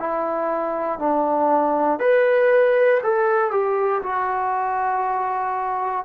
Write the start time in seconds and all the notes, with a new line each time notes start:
0.00 E4
0.99 D4
2.00 B4
3.04 A4
3.51 G4
4.03 F#4